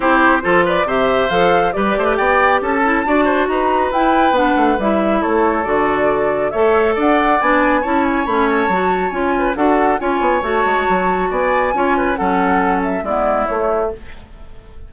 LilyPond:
<<
  \new Staff \with { instrumentName = "flute" } { \time 4/4 \tempo 4 = 138 c''4. d''8 e''4 f''4 | d''4 g''4 a''2 | ais''4 g''4 fis''4 e''4 | cis''4 d''2 e''4 |
fis''4 gis''4 a''8 gis''8 b''8 a''8~ | a''4 gis''4 fis''4 gis''4 | a''2 gis''2 | fis''4. e''8 d''4 cis''4 | }
  \new Staff \with { instrumentName = "oboe" } { \time 4/4 g'4 a'8 b'8 c''2 | b'8 c''16 b'16 d''4 a'4 d''8 c''8 | b'1 | a'2. cis''4 |
d''2 cis''2~ | cis''4. b'8 a'4 cis''4~ | cis''2 d''4 cis''8 b'8 | a'2 e'2 | }
  \new Staff \with { instrumentName = "clarinet" } { \time 4/4 e'4 f'4 g'4 a'4 | g'2~ g'8 e'8 fis'4~ | fis'4 e'4 d'4 e'4~ | e'4 fis'2 a'4~ |
a'4 d'4 e'4 cis'4 | fis'4 f'4 fis'4 f'4 | fis'2. f'4 | cis'2 b4 a4 | }
  \new Staff \with { instrumentName = "bassoon" } { \time 4/4 c'4 f4 c4 f4 | g8 a8 b4 cis'4 d'4 | dis'4 e'4 b8 a8 g4 | a4 d2 a4 |
d'4 b4 cis'4 a4 | fis4 cis'4 d'4 cis'8 b8 | a8 gis8 fis4 b4 cis'4 | fis2 gis4 a4 | }
>>